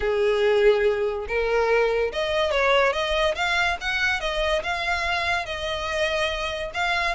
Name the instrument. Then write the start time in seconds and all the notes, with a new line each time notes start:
violin
0.00 G#4
1.28 A#4
2.12 D#5
2.51 C#5
2.92 D#5
3.35 F5
3.80 F#5
4.20 D#5
4.63 F5
5.45 D#5
6.74 F5